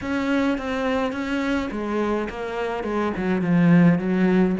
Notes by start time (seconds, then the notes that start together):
0.01 C#4
0.57 C4
1.12 C#4
1.71 G#3
2.29 A#3
2.83 G#3
3.16 F#3
3.41 F3
3.98 F#3